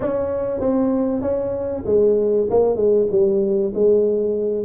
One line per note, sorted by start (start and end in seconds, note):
0.00 0.60 C#4
0.60 1.21 C4
1.21 1.83 C#4
1.85 2.47 G#3
2.50 2.76 A#3
2.76 3.06 G#3
3.11 3.73 G3
3.74 4.64 G#3